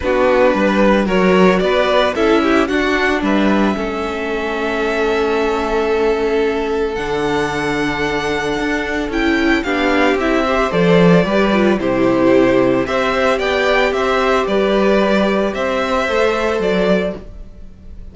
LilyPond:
<<
  \new Staff \with { instrumentName = "violin" } { \time 4/4 \tempo 4 = 112 b'2 cis''4 d''4 | e''4 fis''4 e''2~ | e''1~ | e''4 fis''2.~ |
fis''4 g''4 f''4 e''4 | d''2 c''2 | e''4 g''4 e''4 d''4~ | d''4 e''2 d''4 | }
  \new Staff \with { instrumentName = "violin" } { \time 4/4 fis'4 b'4 ais'4 b'4 | a'8 g'8 fis'4 b'4 a'4~ | a'1~ | a'1~ |
a'2 g'4. c''8~ | c''4 b'4 g'2 | c''4 d''4 c''4 b'4~ | b'4 c''2. | }
  \new Staff \with { instrumentName = "viola" } { \time 4/4 d'2 fis'2 | e'4 d'2 cis'4~ | cis'1~ | cis'4 d'2.~ |
d'4 e'4 d'4 e'8 g'8 | a'4 g'8 f'8 e'2 | g'1~ | g'2 a'2 | }
  \new Staff \with { instrumentName = "cello" } { \time 4/4 b4 g4 fis4 b4 | cis'4 d'4 g4 a4~ | a1~ | a4 d2. |
d'4 cis'4 b4 c'4 | f4 g4 c2 | c'4 b4 c'4 g4~ | g4 c'4 a4 fis4 | }
>>